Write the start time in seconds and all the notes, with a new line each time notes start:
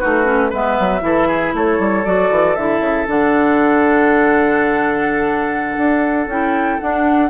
0.00 A3 D#4 F#4 B4
0.24 C#4
0.50 G#3 B3 B4 E5
0.79 F#3
1.01 E3 E4 A4
1.28 G#4
1.54 A3 A4 C#5
1.79 G3
2.05 F#3 F#4 D5
2.30 E3
2.55 D3 E4 E5
2.80 C#3
3.08 D3 D4 F#5
5.78 D4
6.27 C#4 E4 G5
6.80 D4 F#5